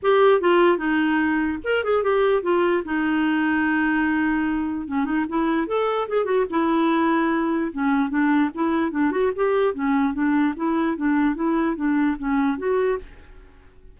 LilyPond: \new Staff \with { instrumentName = "clarinet" } { \time 4/4 \tempo 4 = 148 g'4 f'4 dis'2 | ais'8 gis'8 g'4 f'4 dis'4~ | dis'1 | cis'8 dis'8 e'4 a'4 gis'8 fis'8 |
e'2. cis'4 | d'4 e'4 d'8 fis'8 g'4 | cis'4 d'4 e'4 d'4 | e'4 d'4 cis'4 fis'4 | }